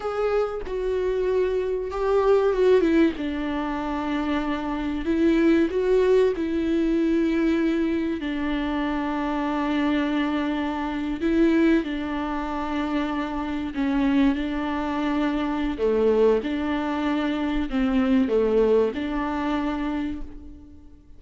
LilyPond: \new Staff \with { instrumentName = "viola" } { \time 4/4 \tempo 4 = 95 gis'4 fis'2 g'4 | fis'8 e'8 d'2. | e'4 fis'4 e'2~ | e'4 d'2.~ |
d'4.~ d'16 e'4 d'4~ d'16~ | d'4.~ d'16 cis'4 d'4~ d'16~ | d'4 a4 d'2 | c'4 a4 d'2 | }